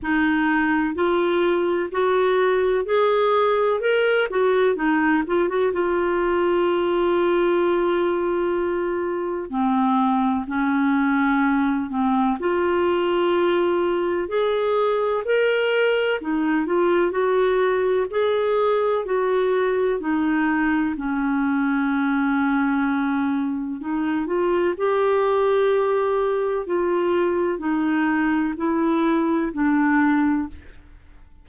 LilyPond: \new Staff \with { instrumentName = "clarinet" } { \time 4/4 \tempo 4 = 63 dis'4 f'4 fis'4 gis'4 | ais'8 fis'8 dis'8 f'16 fis'16 f'2~ | f'2 c'4 cis'4~ | cis'8 c'8 f'2 gis'4 |
ais'4 dis'8 f'8 fis'4 gis'4 | fis'4 dis'4 cis'2~ | cis'4 dis'8 f'8 g'2 | f'4 dis'4 e'4 d'4 | }